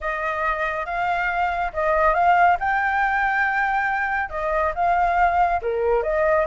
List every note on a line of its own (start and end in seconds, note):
0.00 0.85 D#5
0.85 1.71 F5
1.73 2.14 D#5
2.14 2.57 F5
2.59 4.29 G5
4.29 4.72 D#5
4.74 5.61 F5
5.62 6.02 A#4
6.02 6.46 D#5